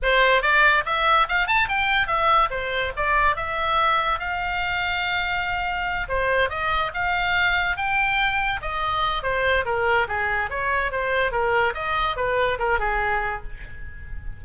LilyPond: \new Staff \with { instrumentName = "oboe" } { \time 4/4 \tempo 4 = 143 c''4 d''4 e''4 f''8 a''8 | g''4 e''4 c''4 d''4 | e''2 f''2~ | f''2~ f''8 c''4 dis''8~ |
dis''8 f''2 g''4.~ | g''8 dis''4. c''4 ais'4 | gis'4 cis''4 c''4 ais'4 | dis''4 b'4 ais'8 gis'4. | }